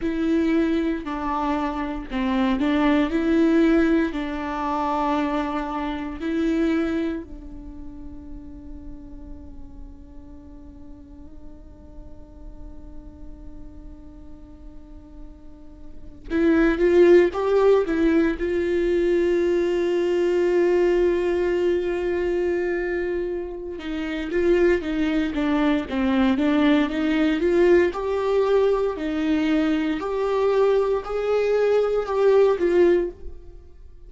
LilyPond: \new Staff \with { instrumentName = "viola" } { \time 4/4 \tempo 4 = 58 e'4 d'4 c'8 d'8 e'4 | d'2 e'4 d'4~ | d'1~ | d'2.~ d'8. e'16~ |
e'16 f'8 g'8 e'8 f'2~ f'16~ | f'2. dis'8 f'8 | dis'8 d'8 c'8 d'8 dis'8 f'8 g'4 | dis'4 g'4 gis'4 g'8 f'8 | }